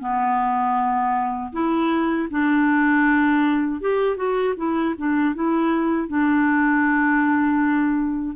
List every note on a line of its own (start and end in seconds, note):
0.00 1.52 B3
1.53 2.29 E4
2.30 3.81 D4
3.81 4.16 G4
4.16 4.54 F#4
4.57 4.95 E4
4.97 5.35 D4
5.35 6.08 E4
6.08 8.36 D4